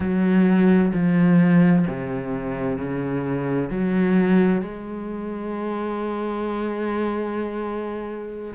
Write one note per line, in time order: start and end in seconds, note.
0.00 0.92 F#3
0.93 1.85 F3
1.87 2.78 C3
2.78 3.69 C#3
3.69 4.62 F#3
4.62 8.54 G#3